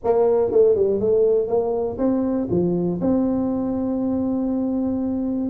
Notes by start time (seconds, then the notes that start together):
0.04 A#3
0.51 A3
0.75 G3
1.00 A3
1.47 A#3
1.98 C4
2.50 F3
3.01 C4